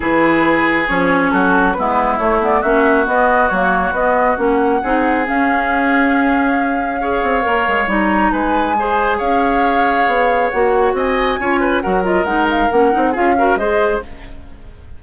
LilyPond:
<<
  \new Staff \with { instrumentName = "flute" } { \time 4/4 \tempo 4 = 137 b'2 cis''4 a'4 | b'4 cis''8 d''8 e''4 dis''4 | cis''4 dis''4 fis''2 | f''1~ |
f''2 ais''4 gis''4~ | gis''4 f''2. | fis''4 gis''2 fis''8 dis''8 | fis''8 f''8 fis''4 f''4 dis''4 | }
  \new Staff \with { instrumentName = "oboe" } { \time 4/4 gis'2. fis'4 | e'2 fis'2~ | fis'2. gis'4~ | gis'1 |
cis''2. b'4 | c''4 cis''2.~ | cis''4 dis''4 cis''8 b'8 ais'4~ | ais'2 gis'8 ais'8 c''4 | }
  \new Staff \with { instrumentName = "clarinet" } { \time 4/4 e'2 cis'2 | b4 a8 b8 cis'4 b4 | ais4 b4 cis'4 dis'4 | cis'1 |
gis'4 ais'4 dis'2 | gis'1 | fis'2 f'4 fis'8 f'8 | dis'4 cis'8 dis'8 f'8 fis'8 gis'4 | }
  \new Staff \with { instrumentName = "bassoon" } { \time 4/4 e2 f4 fis4 | gis4 a4 ais4 b4 | fis4 b4 ais4 c'4 | cis'1~ |
cis'8 c'8 ais8 gis8 g4 gis4~ | gis4 cis'2 b4 | ais4 c'4 cis'4 fis4 | gis4 ais8 c'8 cis'4 gis4 | }
>>